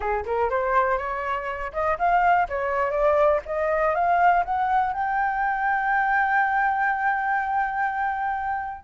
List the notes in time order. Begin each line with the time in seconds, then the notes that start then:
0.00 G#4
0.25 A#4
0.50 C5
0.98 C#5
1.72 D#5
1.98 F5
2.49 C#5
2.90 D5
3.45 D#5
3.94 F5
4.45 F#5
4.93 G5